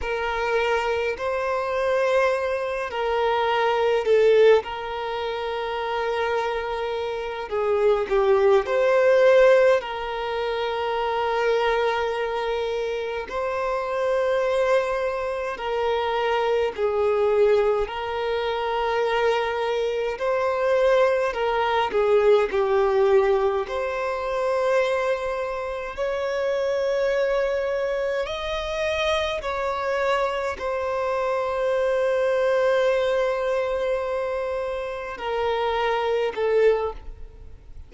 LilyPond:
\new Staff \with { instrumentName = "violin" } { \time 4/4 \tempo 4 = 52 ais'4 c''4. ais'4 a'8 | ais'2~ ais'8 gis'8 g'8 c''8~ | c''8 ais'2. c''8~ | c''4. ais'4 gis'4 ais'8~ |
ais'4. c''4 ais'8 gis'8 g'8~ | g'8 c''2 cis''4.~ | cis''8 dis''4 cis''4 c''4.~ | c''2~ c''8 ais'4 a'8 | }